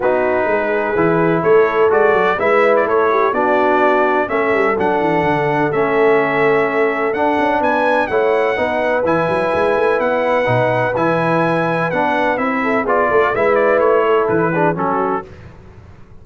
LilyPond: <<
  \new Staff \with { instrumentName = "trumpet" } { \time 4/4 \tempo 4 = 126 b'2. cis''4 | d''4 e''8. d''16 cis''4 d''4~ | d''4 e''4 fis''2 | e''2. fis''4 |
gis''4 fis''2 gis''4~ | gis''4 fis''2 gis''4~ | gis''4 fis''4 e''4 d''4 | e''8 d''8 cis''4 b'4 a'4 | }
  \new Staff \with { instrumentName = "horn" } { \time 4/4 fis'4 gis'2 a'4~ | a'4 b'4 a'8 g'8 fis'4~ | fis'4 a'2.~ | a'1 |
b'4 cis''4 b'2~ | b'1~ | b'2~ b'8 a'8 gis'8 a'8 | b'4. a'4 gis'8 fis'4 | }
  \new Staff \with { instrumentName = "trombone" } { \time 4/4 dis'2 e'2 | fis'4 e'2 d'4~ | d'4 cis'4 d'2 | cis'2. d'4~ |
d'4 e'4 dis'4 e'4~ | e'2 dis'4 e'4~ | e'4 d'4 e'4 f'4 | e'2~ e'8 d'8 cis'4 | }
  \new Staff \with { instrumentName = "tuba" } { \time 4/4 b4 gis4 e4 a4 | gis8 fis8 gis4 a4 b4~ | b4 a8 g8 fis8 e8 d4 | a2. d'8 cis'8 |
b4 a4 b4 e8 fis8 | gis8 a8 b4 b,4 e4~ | e4 b4 c'4 b8 a8 | gis4 a4 e4 fis4 | }
>>